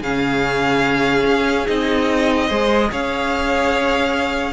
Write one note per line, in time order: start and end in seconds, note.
0.00 1.25 C#3
0.00 1.67 C#4
0.00 2.47 G#4
0.00 1.67 F5
1.26 1.67 C#4
1.67 2.50 C4
1.67 2.49 D#4
1.67 2.90 D#5
2.47 2.91 G#3
2.47 4.53 G#4
2.47 2.88 C5
2.91 4.53 C#4
2.91 4.53 C#5
2.91 4.53 F5